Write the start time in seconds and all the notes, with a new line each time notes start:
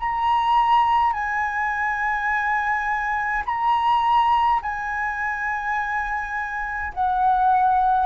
0.00 A#5
1.13 G#5
3.46 A#5
4.63 G#5
6.94 F#5